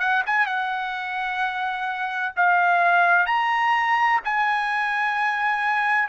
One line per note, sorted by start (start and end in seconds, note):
0.00 0.23 F#5
0.27 0.47 G#5
0.47 2.34 F#5
2.37 3.27 F5
3.27 4.21 A#5
4.25 6.09 G#5